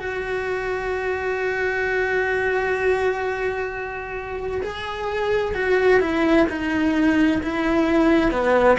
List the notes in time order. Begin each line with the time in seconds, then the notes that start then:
0.00 F#4
4.62 G#4
5.55 F#4
6.01 E4
6.50 D#4
7.43 E4
8.32 B3